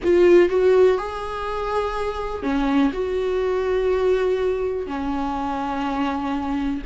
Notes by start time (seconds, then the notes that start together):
0.03 F4
0.49 F#4
0.98 G#4
2.43 C#4
2.92 F#4
4.86 C#4